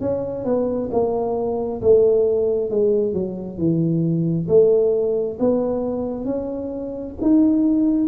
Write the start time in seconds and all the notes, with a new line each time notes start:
0.00 C#4
0.44 B3
0.91 A#3
1.81 A3
2.70 G#3
3.13 F#3
3.58 E3
4.48 A3
5.39 B3
6.25 C#4
7.21 D#4